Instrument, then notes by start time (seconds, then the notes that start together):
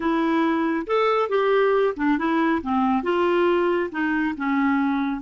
clarinet
0.00 E4
0.87 A4
1.29 G4
1.96 D4
2.18 E4
2.62 C4
3.03 F4
3.91 D#4
4.37 C#4